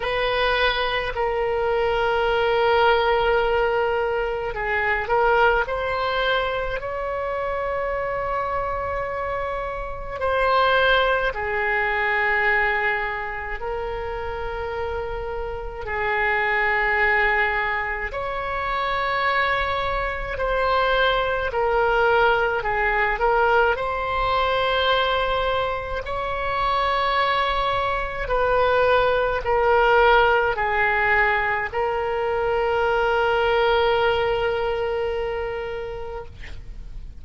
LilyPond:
\new Staff \with { instrumentName = "oboe" } { \time 4/4 \tempo 4 = 53 b'4 ais'2. | gis'8 ais'8 c''4 cis''2~ | cis''4 c''4 gis'2 | ais'2 gis'2 |
cis''2 c''4 ais'4 | gis'8 ais'8 c''2 cis''4~ | cis''4 b'4 ais'4 gis'4 | ais'1 | }